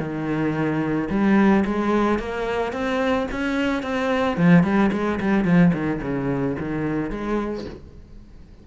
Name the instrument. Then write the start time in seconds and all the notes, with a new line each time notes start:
cello
0.00 D#3
1.10 G3
1.65 G#3
2.19 A#3
2.73 C4
3.32 C#4
3.83 C4
4.38 F3
4.64 G3
4.93 G#3
5.21 G3
5.45 F3
5.74 D#3
6.02 C#3
6.59 D#3
7.11 G#3